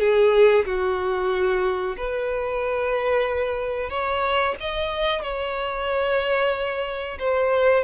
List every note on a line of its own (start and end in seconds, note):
0.00 0.65 G#4
0.66 1.96 F#4
1.97 3.90 B4
3.90 4.55 C#5
4.60 5.23 D#5
5.23 7.18 C#5
7.19 7.84 C5